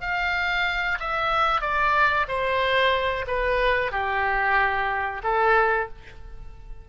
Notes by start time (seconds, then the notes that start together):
0.00 F5
0.99 E5
1.61 D5
2.27 C5
3.27 B4
3.91 G4
5.23 A4